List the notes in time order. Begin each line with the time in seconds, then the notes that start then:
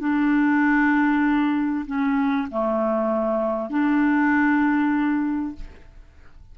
0.00 D4
1.86 C#4
2.51 A3
3.70 D4